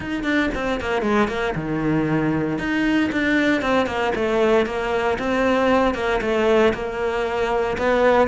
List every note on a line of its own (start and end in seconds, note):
0.00 0.23 D#4
0.23 0.49 D4
0.54 0.80 C4
0.80 1.02 A#3
1.02 1.27 G#3
1.28 1.54 A#3
1.55 2.58 D#3
2.58 3.10 D#4
3.12 3.61 D4
3.61 3.86 C4
3.86 4.12 A#3
4.15 4.66 A3
4.66 5.17 A#3
5.19 5.94 C4
5.94 6.20 A#3
6.21 6.73 A3
6.73 7.77 A#3
7.77 8.28 B3